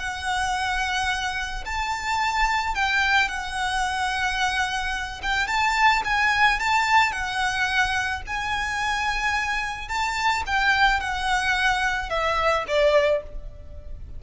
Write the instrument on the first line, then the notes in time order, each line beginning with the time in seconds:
violin
0.00 F#5
1.66 A5
2.75 G5
3.29 F#5
5.23 G5
5.48 A5
6.05 G#5
6.60 A5
7.12 F#5
8.27 G#5
9.89 A5
10.47 G5
11.01 F#5
12.10 E5
12.68 D5